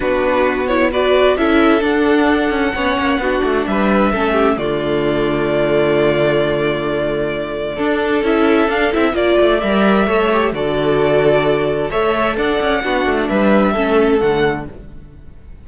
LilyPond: <<
  \new Staff \with { instrumentName = "violin" } { \time 4/4 \tempo 4 = 131 b'4. cis''8 d''4 e''4 | fis''1 | e''2 d''2~ | d''1~ |
d''2 e''4 f''8 e''8 | d''4 e''2 d''4~ | d''2 e''4 fis''4~ | fis''4 e''2 fis''4 | }
  \new Staff \with { instrumentName = "violin" } { \time 4/4 fis'2 b'4 a'4~ | a'2 cis''4 fis'4 | b'4 a'8 g'8 f'2~ | f'1~ |
f'4 a'2. | d''2 cis''4 a'4~ | a'2 cis''4 d''4 | fis'4 b'4 a'2 | }
  \new Staff \with { instrumentName = "viola" } { \time 4/4 d'4. e'8 fis'4 e'4 | d'2 cis'4 d'4~ | d'4 cis'4 a2~ | a1~ |
a4 d'4 e'4 d'8 e'8 | f'4 ais'4 a'8 g'8 fis'4~ | fis'2 a'2 | d'2 cis'4 a4 | }
  \new Staff \with { instrumentName = "cello" } { \time 4/4 b2. cis'4 | d'4. cis'8 b8 ais8 b8 a8 | g4 a4 d2~ | d1~ |
d4 d'4 cis'4 d'8 c'8 | ais8 a8 g4 a4 d4~ | d2 a4 d'8 cis'8 | b8 a8 g4 a4 d4 | }
>>